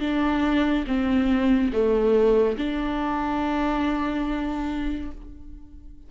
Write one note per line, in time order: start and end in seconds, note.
0.00 0.85 D4
0.87 1.71 C4
1.72 2.57 A3
2.57 5.11 D4